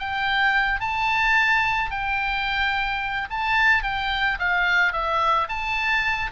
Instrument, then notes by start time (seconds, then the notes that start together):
oboe
0.00 G5
0.81 A5
1.91 G5
3.31 A5
3.84 G5
4.39 F5
4.93 E5
5.49 A5